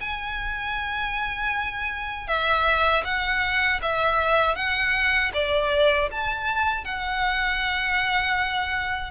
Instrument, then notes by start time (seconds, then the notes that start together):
violin
0.00 G#5
2.27 E5
3.04 F#5
3.82 E5
4.55 F#5
5.33 D5
6.11 A5
6.84 F#5